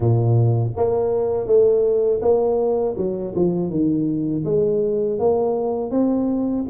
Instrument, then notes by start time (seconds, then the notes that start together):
tuba
0.00 A#2
0.76 A#3
1.46 A3
2.21 A#3
2.97 F#3
3.35 F3
3.69 D#3
4.44 G#3
5.19 A#3
5.91 C4